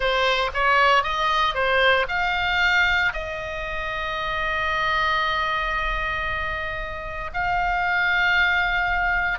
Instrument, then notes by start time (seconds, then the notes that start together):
oboe
0.00 C5
0.54 C#5
1.03 D#5
1.54 C5
2.08 F5
3.13 D#5
7.33 F5